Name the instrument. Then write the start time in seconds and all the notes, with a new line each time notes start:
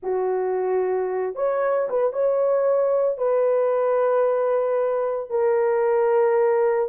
horn
0.02 F#4
1.35 C#5
1.89 B4
2.12 C#5
3.17 B4
5.30 A#4